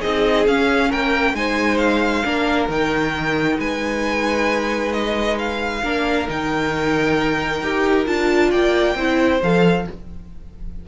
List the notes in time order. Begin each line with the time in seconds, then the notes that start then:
0.00 C4 D#4 G#4 D#5
0.48 C#4 F5
0.90 A#3 A#4 G5
1.34 G#3 D#4 C5 G#5
1.78 F5
2.25 A#3 D4 A#4
2.69 D#3 D#4 G5
3.59 G#3 B4 G#5
4.93 D#5
5.39 F5
5.83 A#3 D4 A#4
6.28 D#3 D#4 G5
7.62 D#4 G4
8.07 D4 F4 A5
8.50 A#3 D5 G5
8.96 C4 E4 C5
9.43 F3 A4 F5